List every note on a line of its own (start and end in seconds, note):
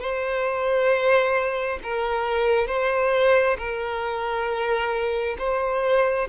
0.00 1.79 C5
1.83 2.67 A#4
2.67 3.57 C5
3.58 5.37 A#4
5.38 6.28 C5